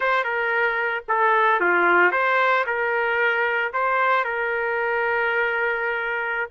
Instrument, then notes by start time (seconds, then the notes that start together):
trumpet
0.00 C5
0.24 A#4
1.08 A4
1.60 F4
2.11 C5
2.66 A#4
3.73 C5
4.24 A#4